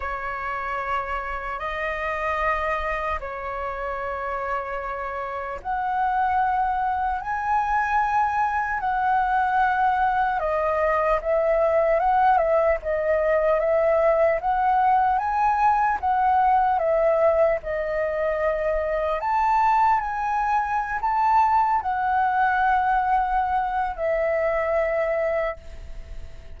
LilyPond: \new Staff \with { instrumentName = "flute" } { \time 4/4 \tempo 4 = 75 cis''2 dis''2 | cis''2. fis''4~ | fis''4 gis''2 fis''4~ | fis''4 dis''4 e''4 fis''8 e''8 |
dis''4 e''4 fis''4 gis''4 | fis''4 e''4 dis''2 | a''4 gis''4~ gis''16 a''4 fis''8.~ | fis''2 e''2 | }